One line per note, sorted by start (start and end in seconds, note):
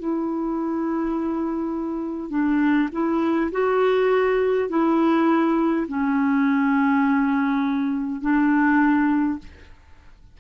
0.00 2.30 E4
2.30 2.89 D4
2.93 3.51 E4
3.52 4.70 F#4
4.70 5.87 E4
5.88 8.22 C#4
8.22 9.40 D4